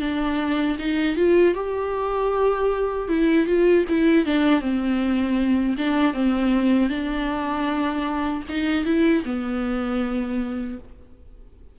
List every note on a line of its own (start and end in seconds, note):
0.00 0.77 D4
0.79 1.16 D#4
1.16 1.54 F4
1.54 3.08 G4
3.08 3.46 E4
3.46 3.85 F4
3.88 4.26 E4
4.26 4.60 D4
4.60 5.76 C4
5.77 6.13 D4
6.13 6.89 C4
6.89 8.43 D4
8.48 8.85 D#4
8.85 9.23 E4
9.24 10.78 B3